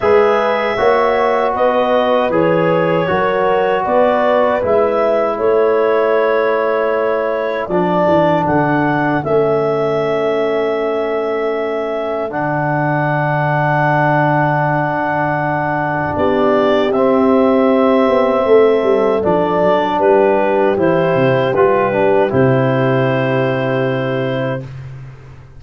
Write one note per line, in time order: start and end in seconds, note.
0.00 0.77 G#3
0.00 0.77 G#4
0.00 0.76 B4
0.00 1.51 E5
0.76 1.54 A#3
0.76 2.31 F#4
0.76 1.53 C#5
1.54 2.29 B3
1.54 3.09 B4
1.54 2.32 D#5
2.29 3.06 E3
2.29 3.07 G#4
2.29 3.84 C#5
3.07 3.85 F#3
3.07 4.61 F#4
3.07 3.84 A#4
3.84 4.62 B3
3.84 5.37 B4
3.84 4.61 D5
4.62 5.38 G#3
4.62 7.70 E4
4.62 5.38 E5
5.37 7.68 A3
5.37 16.14 A4
5.37 7.67 C#5
7.67 8.07 F3
7.67 9.24 D4
7.67 8.44 D5
8.07 8.45 E3
8.46 9.22 D3
8.46 9.23 F#5
9.23 12.31 A3
9.23 12.30 C#4
9.23 12.30 E5
12.30 16.16 D3
12.30 16.91 D4
12.30 16.15 F#5
16.15 16.91 B3
16.15 18.46 G4
16.15 16.91 D5
16.91 18.07 C4
16.91 19.22 C4
16.91 19.22 E5
18.08 18.44 B3
18.44 18.82 A3
18.44 19.97 A4
18.82 19.21 G3
19.22 19.63 F3
19.22 20.76 D4
19.22 19.99 D5
19.63 20.01 F#3
19.97 20.76 G3
19.97 24.59 G4
19.97 20.76 B4
20.76 21.15 E3
20.76 21.53 E4
20.76 21.54 C5
21.15 21.53 C3
21.54 22.31 G3
21.54 21.92 F4
21.54 22.30 B4
21.92 22.29 D4
22.29 24.63 C3
22.29 24.60 E4
22.29 24.62 C5